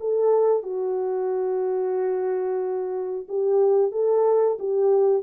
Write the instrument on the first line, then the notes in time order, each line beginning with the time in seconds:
horn
0.00 A4
0.63 F#4
3.28 G4
3.91 A4
4.59 G4